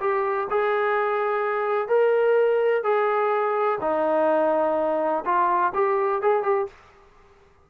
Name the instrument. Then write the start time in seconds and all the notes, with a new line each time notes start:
trombone
0.00 G4
0.50 G#4
1.88 A#4
2.83 G#4
3.81 D#4
5.24 F4
5.74 G4
6.22 G#4
6.42 G4